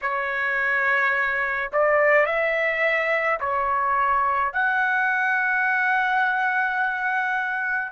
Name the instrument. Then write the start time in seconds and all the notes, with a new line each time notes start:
trumpet
0.01 C#5
1.72 D5
2.26 E5
3.40 C#5
4.53 F#5